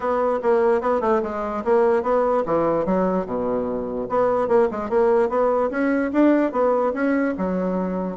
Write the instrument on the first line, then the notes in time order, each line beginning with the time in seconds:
bassoon
0.00 B3
0.42 A#3
0.81 B3
1.01 A3
1.22 G#3
1.64 A#3
2.02 B3
2.45 E3
2.85 F#3
3.26 B2
4.09 B3
4.48 A#3
4.71 G#3
4.89 A#3
5.29 B3
5.70 C#4
6.12 D4
6.52 B3
6.93 C#4
7.37 F#3